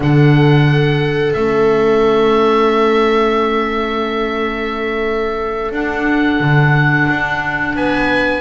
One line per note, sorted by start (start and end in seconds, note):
0.00 1.34 D3
0.00 1.35 D4
0.00 7.76 A4
0.00 1.33 F#5
1.33 5.71 A3
1.33 5.73 C#4
1.33 5.71 E5
5.71 6.38 D4
5.71 8.41 D4
5.71 7.76 F#5
6.40 7.07 D3
7.09 7.76 D4
7.76 8.41 B3
7.76 8.41 B4
7.76 8.41 G#5